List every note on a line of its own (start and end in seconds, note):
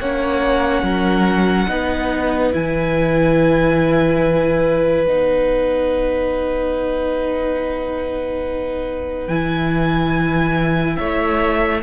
0.00 0.83 A#3
0.00 1.68 C#4
0.00 0.84 C#5
0.00 2.54 F#5
0.83 1.67 F#3
0.83 1.68 A#4
1.68 2.52 B3
1.68 2.53 D#4
1.68 10.98 B4
2.53 5.07 E3
2.53 5.06 E4
2.53 5.07 G#5
5.07 9.28 B3
5.07 9.29 D#4
5.07 9.28 F#5
9.28 10.97 E3
9.28 11.82 E4
9.28 10.96 G#5
10.96 11.82 A3
10.96 11.82 C#5
10.96 11.81 E5